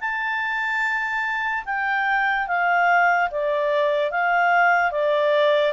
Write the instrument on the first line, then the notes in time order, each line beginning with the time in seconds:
clarinet
0.00 A5
1.66 G5
2.47 F5
3.31 D5
4.11 F5
4.91 D5